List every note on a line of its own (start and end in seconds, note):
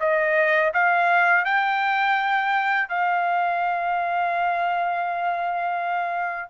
0.00 0.72 D#5
0.74 1.45 F5
1.45 2.89 G5
2.89 6.50 F5